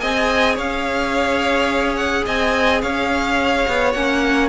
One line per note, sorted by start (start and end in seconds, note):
0.00 0.58 C4
0.00 3.93 G#4
0.00 0.55 D#5
0.00 0.56 G#5
0.55 2.26 C#4
0.55 2.23 C#5
0.55 1.96 F5
1.96 2.24 F#5
2.26 2.83 C4
2.26 2.82 D#5
2.26 2.82 G#5
2.82 3.67 C#4
2.82 4.49 C#5
2.82 3.93 F5
3.68 3.95 B3
3.93 4.49 A#3
3.93 4.49 C#4
3.93 4.49 F#5